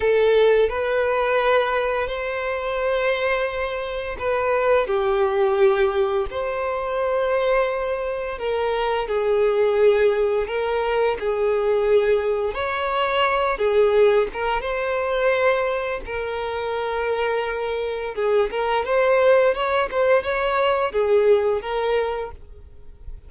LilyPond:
\new Staff \with { instrumentName = "violin" } { \time 4/4 \tempo 4 = 86 a'4 b'2 c''4~ | c''2 b'4 g'4~ | g'4 c''2. | ais'4 gis'2 ais'4 |
gis'2 cis''4. gis'8~ | gis'8 ais'8 c''2 ais'4~ | ais'2 gis'8 ais'8 c''4 | cis''8 c''8 cis''4 gis'4 ais'4 | }